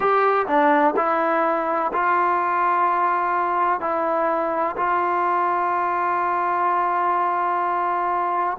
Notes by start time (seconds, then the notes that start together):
0.00 G4
0.46 D4
0.96 E4
1.92 F4
3.80 E4
4.76 F4